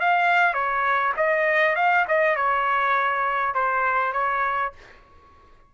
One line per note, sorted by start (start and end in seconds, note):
0.00 0.53 F5
0.53 1.13 C#5
1.17 1.76 D#5
1.76 2.05 F5
2.08 2.36 D#5
2.36 3.54 C#5
3.54 4.13 C5
4.13 4.72 C#5